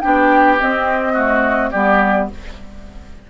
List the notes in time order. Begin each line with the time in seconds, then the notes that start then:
0.00 B3 D4 G4 G5
0.59 C4 D#5
1.13 A3 F#4
1.71 G3 B3 G4 D5